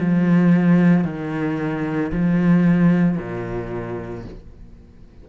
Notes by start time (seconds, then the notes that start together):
0.00 F3
1.04 D#3
2.12 F3
3.18 A#2